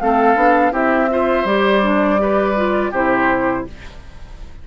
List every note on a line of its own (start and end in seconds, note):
0.00 0.35 A3
0.00 0.36 C4
0.00 0.73 A4
0.00 0.73 F5
0.35 0.71 B3
0.35 0.71 D4
0.71 1.44 C4
0.71 1.08 E4
0.71 1.09 G4
0.71 1.47 E5
1.10 1.46 F4
1.10 2.22 C5
1.44 2.91 G3
1.44 1.82 G4
1.44 2.93 D5
1.82 2.18 D4
2.18 2.55 G4
2.18 2.91 B4
2.56 2.93 F4
2.91 3.65 C3
2.91 3.67 E4
2.91 3.64 G4
2.91 3.67 C5